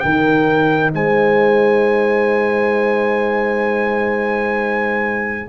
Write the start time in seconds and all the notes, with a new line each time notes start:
0.00 D#3 D#4 A#4 G5
0.94 G#3 C5 G#5